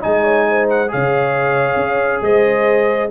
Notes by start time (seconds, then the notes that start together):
0.00 G#3 D#4 D#5 G#5
0.23 C#5
0.49 C5
0.69 F#5
0.88 C#3 G#4 C#5 F5
1.76 C#4
2.21 G#3 C5 D#5